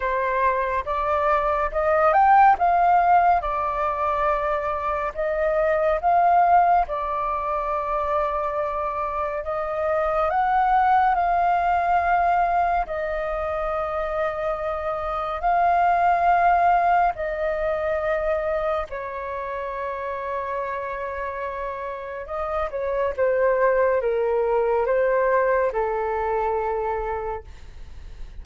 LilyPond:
\new Staff \with { instrumentName = "flute" } { \time 4/4 \tempo 4 = 70 c''4 d''4 dis''8 g''8 f''4 | d''2 dis''4 f''4 | d''2. dis''4 | fis''4 f''2 dis''4~ |
dis''2 f''2 | dis''2 cis''2~ | cis''2 dis''8 cis''8 c''4 | ais'4 c''4 a'2 | }